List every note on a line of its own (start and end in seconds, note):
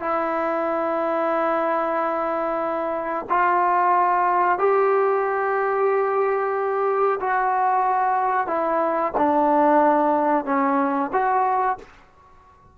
0.00 3.26 E4
3.30 4.59 F4
4.59 7.19 G4
7.21 8.47 F#4
8.47 9.12 E4
9.17 10.45 D4
10.45 11.10 C#4
11.13 11.78 F#4